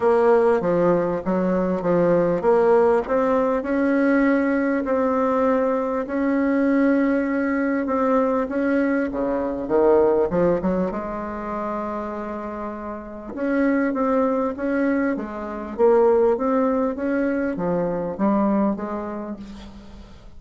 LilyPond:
\new Staff \with { instrumentName = "bassoon" } { \time 4/4 \tempo 4 = 99 ais4 f4 fis4 f4 | ais4 c'4 cis'2 | c'2 cis'2~ | cis'4 c'4 cis'4 cis4 |
dis4 f8 fis8 gis2~ | gis2 cis'4 c'4 | cis'4 gis4 ais4 c'4 | cis'4 f4 g4 gis4 | }